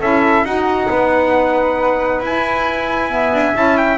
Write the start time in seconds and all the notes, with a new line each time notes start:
0.00 C#4 E4 A4 E5
0.43 D#4 F#4 F#5
0.89 B3 B4
2.21 E4 G#5
3.10 B3 E5
3.33 D4
3.55 C#4 E4 A5
3.78 G5